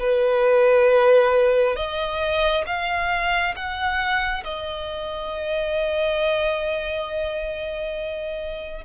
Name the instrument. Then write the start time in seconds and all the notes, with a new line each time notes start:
violin
0.00 B4
1.76 D#5
2.67 F5
3.56 F#5
4.44 D#5